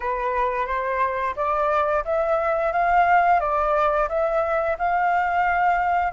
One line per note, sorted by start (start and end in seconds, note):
0.00 0.66 B4
0.66 1.34 C5
1.35 2.04 D5
2.05 2.72 E5
2.72 3.40 F5
3.40 4.08 D5
4.08 4.77 E5
4.78 6.12 F5